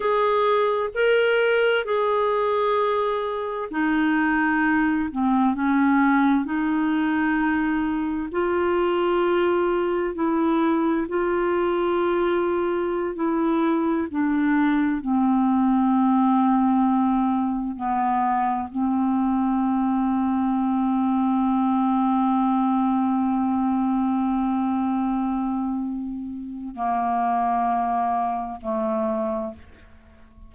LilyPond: \new Staff \with { instrumentName = "clarinet" } { \time 4/4 \tempo 4 = 65 gis'4 ais'4 gis'2 | dis'4. c'8 cis'4 dis'4~ | dis'4 f'2 e'4 | f'2~ f'16 e'4 d'8.~ |
d'16 c'2. b8.~ | b16 c'2.~ c'8.~ | c'1~ | c'4 ais2 a4 | }